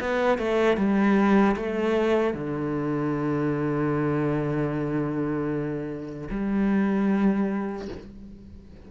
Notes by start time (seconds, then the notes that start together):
0.00 B3
0.38 A3
0.77 G3
1.56 A3
2.33 D3
6.30 G3